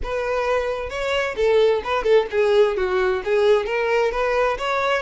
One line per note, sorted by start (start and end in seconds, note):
0.03 0.89 B4
0.89 1.35 C#5
1.36 1.82 A4
1.84 2.03 B4
2.03 2.26 A4
2.30 2.76 G#4
2.76 3.22 F#4
3.24 3.66 G#4
3.66 4.11 A#4
4.11 4.57 B4
4.58 5.02 C#5